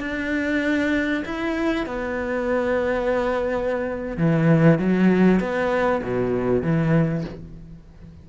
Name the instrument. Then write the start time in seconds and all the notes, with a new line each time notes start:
cello
0.00 D4
1.25 E4
1.86 B3
4.17 E3
4.79 F#3
5.40 B3
6.03 B2
6.62 E3